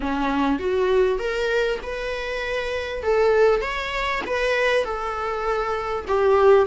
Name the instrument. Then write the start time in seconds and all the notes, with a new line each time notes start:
viola
0.00 C#4
0.59 F#4
1.18 A#4
1.82 B4
3.02 A4
3.61 C#5
4.26 B4
4.84 A4
6.07 G4